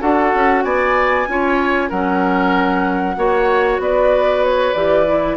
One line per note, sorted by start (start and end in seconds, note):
0.00 0.34 D4
0.00 1.26 F#4
0.00 0.64 A4
0.00 0.63 F#5
0.34 0.64 C#4
0.63 1.27 B3
0.63 1.27 D5
0.63 1.90 G#5
1.28 1.91 C#4
1.28 1.91 F4
1.28 1.89 C#5
1.89 3.17 F#3
1.89 3.16 C#4
1.89 3.16 A#4
1.89 3.79 F#5
3.16 3.79 A#3
3.16 4.74 F#4
3.16 3.82 C#5
3.79 4.74 B3
3.79 5.37 B4
3.79 4.44 D5
4.44 4.74 C#5
4.74 5.37 E3
4.74 5.07 G4
4.74 5.37 D5
5.07 5.37 E4